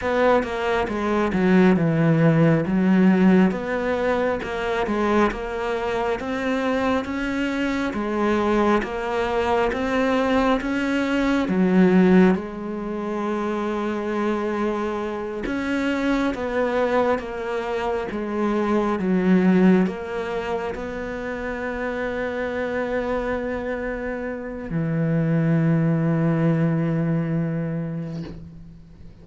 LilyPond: \new Staff \with { instrumentName = "cello" } { \time 4/4 \tempo 4 = 68 b8 ais8 gis8 fis8 e4 fis4 | b4 ais8 gis8 ais4 c'4 | cis'4 gis4 ais4 c'4 | cis'4 fis4 gis2~ |
gis4. cis'4 b4 ais8~ | ais8 gis4 fis4 ais4 b8~ | b1 | e1 | }